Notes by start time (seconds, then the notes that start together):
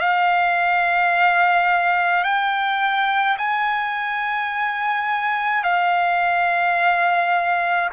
0.00 F5
2.24 G5
3.38 G#5
5.63 F5